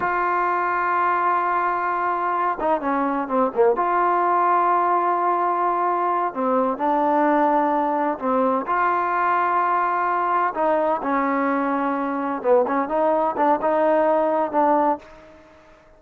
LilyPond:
\new Staff \with { instrumentName = "trombone" } { \time 4/4 \tempo 4 = 128 f'1~ | f'4. dis'8 cis'4 c'8 ais8 | f'1~ | f'4. c'4 d'4.~ |
d'4. c'4 f'4.~ | f'2~ f'8 dis'4 cis'8~ | cis'2~ cis'8 b8 cis'8 dis'8~ | dis'8 d'8 dis'2 d'4 | }